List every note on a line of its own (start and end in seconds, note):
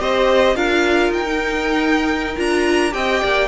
0.00 0.55 C4
0.00 0.55 G4
0.00 0.56 C5
0.00 0.56 D#5
0.55 1.09 D4
0.55 1.25 F4
0.55 2.94 A#4
0.55 1.12 F5
1.09 2.35 D#4
1.09 2.39 G5
1.25 2.36 D#4
2.36 2.94 D4
2.36 2.91 F4
2.36 2.93 A#5
2.91 3.22 C4
2.91 3.47 G4
2.91 3.23 D#5
2.91 3.48 G5
3.24 3.48 A#3
3.24 3.48 D5